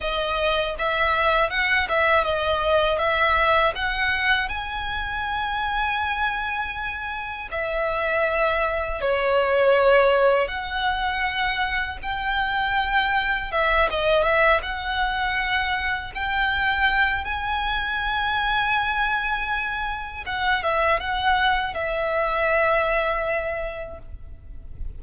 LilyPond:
\new Staff \with { instrumentName = "violin" } { \time 4/4 \tempo 4 = 80 dis''4 e''4 fis''8 e''8 dis''4 | e''4 fis''4 gis''2~ | gis''2 e''2 | cis''2 fis''2 |
g''2 e''8 dis''8 e''8 fis''8~ | fis''4. g''4. gis''4~ | gis''2. fis''8 e''8 | fis''4 e''2. | }